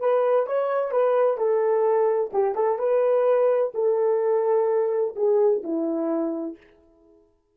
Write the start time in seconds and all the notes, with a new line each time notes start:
0.00 B4
0.47 C#5
0.92 B4
1.38 A4
2.33 G4
2.55 A4
2.79 B4
3.74 A4
5.16 G#4
5.63 E4